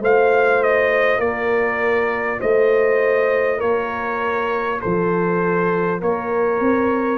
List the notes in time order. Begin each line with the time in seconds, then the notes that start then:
0.00 A3 F4 C5 F5
0.63 D#5
1.18 A#3 A#4 D5
2.40 A3 C5 D#5
3.58 A#3 A#4 C#5
4.80 F3 A4 C5
6.00 A#3 A#4 C#5
6.60 C4